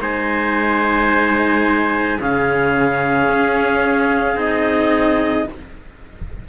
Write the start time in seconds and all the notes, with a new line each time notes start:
0.00 G#3 D#4 C5 G#5
2.20 C#3 C#4 G#4 F5
3.29 C#4
4.35 C4 D#4 D#5